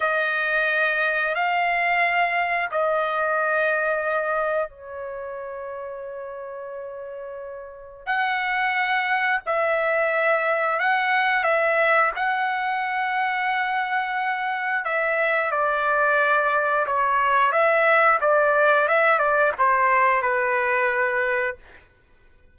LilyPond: \new Staff \with { instrumentName = "trumpet" } { \time 4/4 \tempo 4 = 89 dis''2 f''2 | dis''2. cis''4~ | cis''1 | fis''2 e''2 |
fis''4 e''4 fis''2~ | fis''2 e''4 d''4~ | d''4 cis''4 e''4 d''4 | e''8 d''8 c''4 b'2 | }